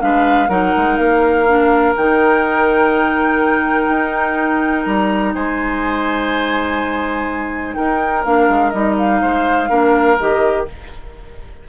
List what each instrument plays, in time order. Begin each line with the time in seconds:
0.00 bassoon G#3, clarinet D4, oboe B4, flute F5
0.48 bassoon F#3, clarinet D#4, oboe A#4, flute F#5
0.77 bassoon G#3
0.97 bassoon A#3, flute F5
1.47 clarinet D4
1.96 bassoon D#3, clarinet D#4, flute G5
3.89 bassoon D#4
4.84 bassoon G3, flute A#5
5.34 bassoon G#3, oboe C5, flute G#5
7.74 bassoon D#4, oboe A#4, flute G5
8.24 bassoon A#3, clarinet D4, flute F5
8.48 bassoon G#3
8.70 bassoon G3, clarinet D#4, flute D#5
8.97 flute F5
9.21 bassoon G#3, oboe C5
9.69 bassoon A#3, clarinet D4, oboe A#4
10.19 bassoon D#3, clarinet G4, flute D#5